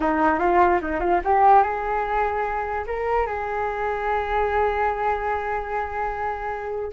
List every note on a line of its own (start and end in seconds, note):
0.00 0.39 D#4
0.39 0.79 F4
0.81 1.00 D#4
1.00 1.20 F4
1.24 1.63 G4
1.63 2.84 G#4
2.86 3.26 A#4
3.26 6.91 G#4